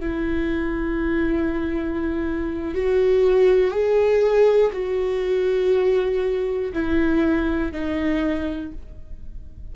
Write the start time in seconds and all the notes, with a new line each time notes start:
0.00 E4
2.75 F#4
3.71 G#4
4.73 F#4
6.73 E4
7.72 D#4